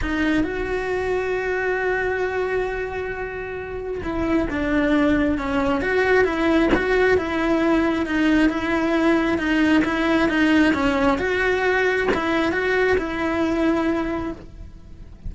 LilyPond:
\new Staff \with { instrumentName = "cello" } { \time 4/4 \tempo 4 = 134 dis'4 fis'2.~ | fis'1~ | fis'4 e'4 d'2 | cis'4 fis'4 e'4 fis'4 |
e'2 dis'4 e'4~ | e'4 dis'4 e'4 dis'4 | cis'4 fis'2 e'4 | fis'4 e'2. | }